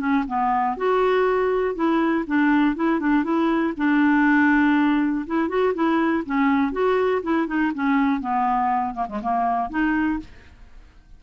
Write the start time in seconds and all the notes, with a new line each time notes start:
0.00 C#4
0.28 B3
0.78 F#4
1.76 E4
2.27 D4
2.76 E4
3.00 D4
3.24 E4
3.78 D4
5.27 E4
5.49 F#4
5.75 E4
6.26 C#4
6.73 F#4
7.23 E4
7.47 D#4
7.75 C#4
8.21 B3
8.94 A#3
9.09 G#3
9.23 A#3
9.70 D#4